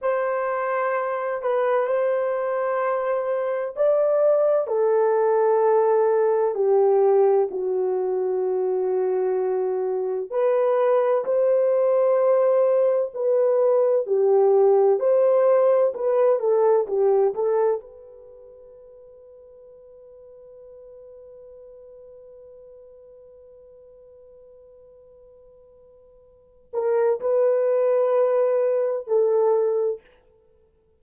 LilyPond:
\new Staff \with { instrumentName = "horn" } { \time 4/4 \tempo 4 = 64 c''4. b'8 c''2 | d''4 a'2 g'4 | fis'2. b'4 | c''2 b'4 g'4 |
c''4 b'8 a'8 g'8 a'8 b'4~ | b'1~ | b'1~ | b'8 ais'8 b'2 a'4 | }